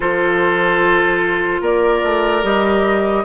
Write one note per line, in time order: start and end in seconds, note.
0.00 1.61 F3
0.00 2.43 F4
0.00 1.61 A4
0.00 1.62 C5
1.61 2.01 A#3
1.61 3.23 A#4
1.61 2.44 D5
2.03 2.43 A3
2.43 3.24 G3
2.43 3.24 G4
2.43 3.24 D#5